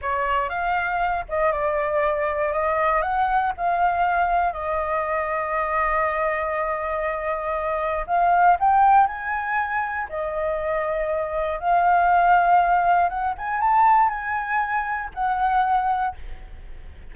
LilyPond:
\new Staff \with { instrumentName = "flute" } { \time 4/4 \tempo 4 = 119 cis''4 f''4. dis''8 d''4~ | d''4 dis''4 fis''4 f''4~ | f''4 dis''2.~ | dis''1 |
f''4 g''4 gis''2 | dis''2. f''4~ | f''2 fis''8 gis''8 a''4 | gis''2 fis''2 | }